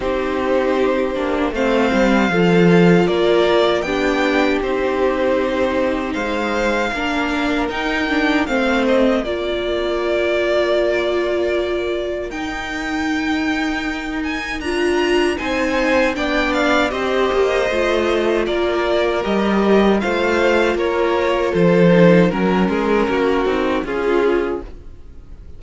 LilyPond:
<<
  \new Staff \with { instrumentName = "violin" } { \time 4/4 \tempo 4 = 78 c''2 f''2 | d''4 g''4 c''2 | f''2 g''4 f''8 dis''8 | d''1 |
g''2~ g''8 gis''8 ais''4 | gis''4 g''8 f''8 dis''2 | d''4 dis''4 f''4 cis''4 | c''4 ais'2 gis'4 | }
  \new Staff \with { instrumentName = "violin" } { \time 4/4 g'2 c''4 a'4 | ais'4 g'2. | c''4 ais'2 c''4 | ais'1~ |
ais'1 | c''4 d''4 c''2 | ais'2 c''4 ais'4 | a'4 ais'8 gis'8 fis'4 f'4 | }
  \new Staff \with { instrumentName = "viola" } { \time 4/4 dis'4. d'8 c'4 f'4~ | f'4 d'4 dis'2~ | dis'4 d'4 dis'8 d'8 c'4 | f'1 |
dis'2. f'4 | dis'4 d'4 g'4 f'4~ | f'4 g'4 f'2~ | f'8 dis'8 cis'4. dis'8 f'4 | }
  \new Staff \with { instrumentName = "cello" } { \time 4/4 c'4. ais8 a8 g8 f4 | ais4 b4 c'2 | gis4 ais4 dis'4 a4 | ais1 |
dis'2. d'4 | c'4 b4 c'8 ais8 a4 | ais4 g4 a4 ais4 | f4 fis8 gis8 ais8 c'8 cis'4 | }
>>